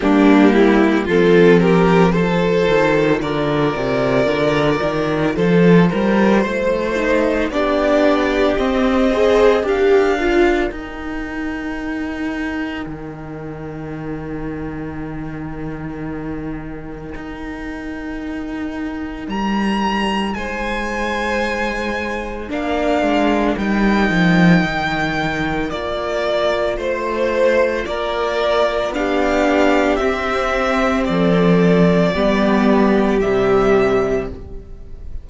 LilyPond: <<
  \new Staff \with { instrumentName = "violin" } { \time 4/4 \tempo 4 = 56 g'4 a'8 ais'8 c''4 d''4~ | d''4 c''2 d''4 | dis''4 f''4 g''2~ | g''1~ |
g''2 ais''4 gis''4~ | gis''4 f''4 g''2 | d''4 c''4 d''4 f''4 | e''4 d''2 e''4 | }
  \new Staff \with { instrumentName = "violin" } { \time 4/4 d'8 e'8 f'8 g'8 a'4 ais'4~ | ais'4 a'8 ais'8 c''4 g'4~ | g'8 c''8 ais'2.~ | ais'1~ |
ais'2. c''4~ | c''4 ais'2.~ | ais'4 c''4 ais'4 g'4~ | g'4 a'4 g'2 | }
  \new Staff \with { instrumentName = "viola" } { \time 4/4 ais4 c'4 f'2~ | f'2~ f'8 dis'8 d'4 | c'8 gis'8 g'8 f'8 dis'2~ | dis'1~ |
dis'1~ | dis'4 d'4 dis'2 | f'2. d'4 | c'2 b4 g4 | }
  \new Staff \with { instrumentName = "cello" } { \time 4/4 g4 f4. dis8 d8 c8 | d8 dis8 f8 g8 a4 b4 | c'4 d'4 dis'2 | dis1 |
dis'2 g4 gis4~ | gis4 ais8 gis8 g8 f8 dis4 | ais4 a4 ais4 b4 | c'4 f4 g4 c4 | }
>>